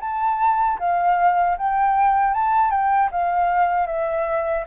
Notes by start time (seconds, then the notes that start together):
0.00 A5
0.79 F5
1.57 G5
2.33 A5
2.70 G5
3.11 F5
3.86 E5